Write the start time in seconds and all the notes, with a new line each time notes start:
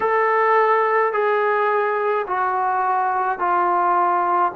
0.00 A4
1.12 G#4
2.26 F#4
3.38 F4